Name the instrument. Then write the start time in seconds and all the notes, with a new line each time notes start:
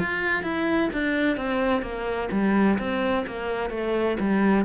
cello
0.00 F4
0.43 E4
0.93 D4
1.38 C4
1.82 A#3
2.32 G3
2.79 C4
3.28 A#3
3.71 A3
4.20 G3